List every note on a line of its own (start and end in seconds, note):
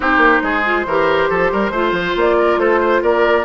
0.00 0.17 C4
0.00 0.62 D#4
0.00 0.43 G4
0.00 2.19 C5
0.17 0.39 A#3
0.42 0.85 G#3
0.42 0.86 G#4
0.64 0.86 F4
0.86 1.29 E3
0.86 1.73 G4
0.86 1.29 A#4
1.29 1.52 F3
1.29 1.51 A4
1.52 1.70 G3
1.52 1.71 A#4
1.70 1.91 A3
1.70 3.45 F4
1.70 2.36 C5
1.91 2.13 F3
2.15 2.57 A#3
2.15 2.59 D5
2.38 2.59 A#4
2.57 3.00 A3
2.57 2.80 A4
2.57 3.02 C5
2.80 3.01 C5
3.02 3.45 A#3
3.02 3.45 A#4
3.02 3.45 D5